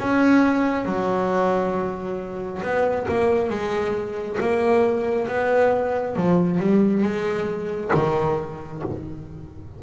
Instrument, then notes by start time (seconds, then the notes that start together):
double bass
0.00 C#4
0.85 F#3
2.63 B3
3.09 A#3
3.50 G#3
4.41 A#3
5.28 B3
6.16 F3
6.60 G3
7.03 G#3
7.95 D#3